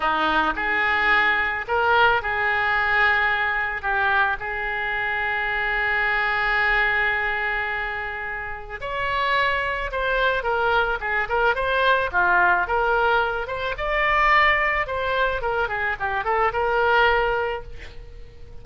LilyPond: \new Staff \with { instrumentName = "oboe" } { \time 4/4 \tempo 4 = 109 dis'4 gis'2 ais'4 | gis'2. g'4 | gis'1~ | gis'1 |
cis''2 c''4 ais'4 | gis'8 ais'8 c''4 f'4 ais'4~ | ais'8 c''8 d''2 c''4 | ais'8 gis'8 g'8 a'8 ais'2 | }